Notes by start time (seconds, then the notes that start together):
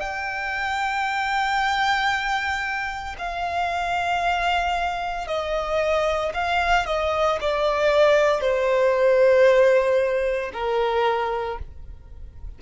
0.00 G5
3.19 F5
5.27 D#5
6.34 F5
6.86 D#5
7.41 D5
8.41 C5
10.53 A#4